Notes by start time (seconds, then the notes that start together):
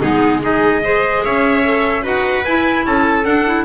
0.00 G#3 B3 D#4 G#4
0.41 D#4 G#4 D#5
0.83 G#4 C5
1.24 C#4 C#5 E5
1.64 A4
2.02 D#4 F#4 B4 F#5
2.45 E4 G#5
2.86 C#4 A4 A5
3.25 D4 F#5
3.46 E4